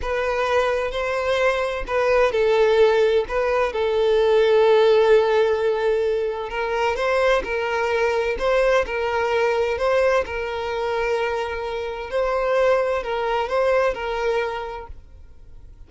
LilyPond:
\new Staff \with { instrumentName = "violin" } { \time 4/4 \tempo 4 = 129 b'2 c''2 | b'4 a'2 b'4 | a'1~ | a'2 ais'4 c''4 |
ais'2 c''4 ais'4~ | ais'4 c''4 ais'2~ | ais'2 c''2 | ais'4 c''4 ais'2 | }